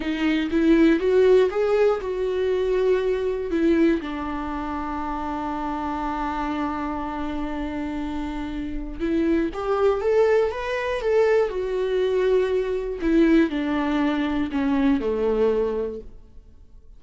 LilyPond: \new Staff \with { instrumentName = "viola" } { \time 4/4 \tempo 4 = 120 dis'4 e'4 fis'4 gis'4 | fis'2. e'4 | d'1~ | d'1~ |
d'2 e'4 g'4 | a'4 b'4 a'4 fis'4~ | fis'2 e'4 d'4~ | d'4 cis'4 a2 | }